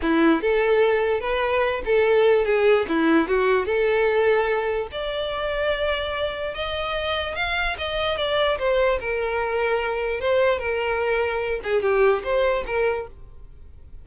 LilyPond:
\new Staff \with { instrumentName = "violin" } { \time 4/4 \tempo 4 = 147 e'4 a'2 b'4~ | b'8 a'4. gis'4 e'4 | fis'4 a'2. | d''1 |
dis''2 f''4 dis''4 | d''4 c''4 ais'2~ | ais'4 c''4 ais'2~ | ais'8 gis'8 g'4 c''4 ais'4 | }